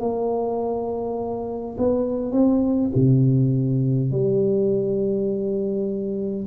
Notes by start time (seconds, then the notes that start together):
0.00 A#3
1.78 B3
2.32 C4
2.95 C3
4.11 G3